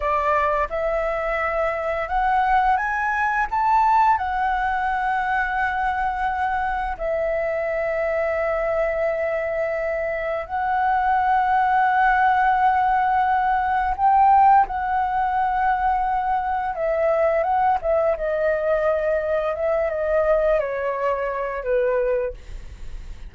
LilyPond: \new Staff \with { instrumentName = "flute" } { \time 4/4 \tempo 4 = 86 d''4 e''2 fis''4 | gis''4 a''4 fis''2~ | fis''2 e''2~ | e''2. fis''4~ |
fis''1 | g''4 fis''2. | e''4 fis''8 e''8 dis''2 | e''8 dis''4 cis''4. b'4 | }